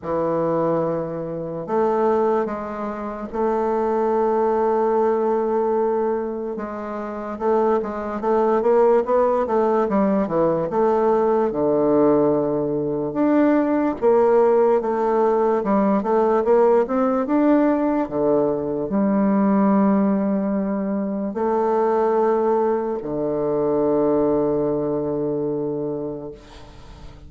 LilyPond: \new Staff \with { instrumentName = "bassoon" } { \time 4/4 \tempo 4 = 73 e2 a4 gis4 | a1 | gis4 a8 gis8 a8 ais8 b8 a8 | g8 e8 a4 d2 |
d'4 ais4 a4 g8 a8 | ais8 c'8 d'4 d4 g4~ | g2 a2 | d1 | }